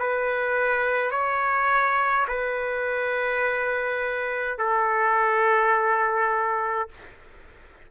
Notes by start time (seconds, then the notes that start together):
0.00 B4
1.11 C#5
2.29 B4
4.59 A4